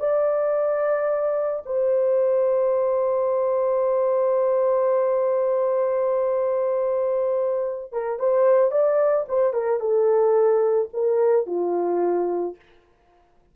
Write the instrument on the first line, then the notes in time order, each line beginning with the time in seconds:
horn
0.00 D5
1.66 C5
7.93 A#4
8.19 C5
8.71 D5
9.29 C5
9.53 A#4
9.80 A4
10.94 A#4
11.46 F4